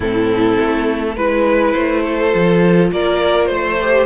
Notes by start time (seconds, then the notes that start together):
0.00 A2 C4 E4 A4
0.59 A3
1.15 G#3 E4 B4
1.71 A3 C5
2.03 A4
2.30 F3 F4
2.91 A#3 A#4 D5
3.45 A3 C5
3.80 G4